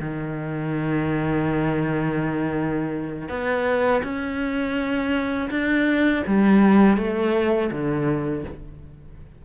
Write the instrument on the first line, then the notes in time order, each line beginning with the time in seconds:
cello
0.00 D#3
3.29 B3
4.03 C#4
5.50 D4
6.27 G3
6.97 A3
7.71 D3